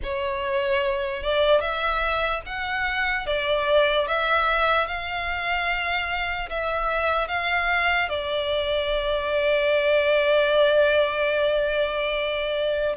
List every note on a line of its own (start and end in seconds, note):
0.03 1.22 C#5
1.22 1.60 D5
1.60 2.41 E5
2.45 3.26 F#5
3.26 4.07 D5
4.07 4.87 E5
4.87 6.49 F5
6.49 7.28 E5
7.28 8.09 F5
8.09 12.95 D5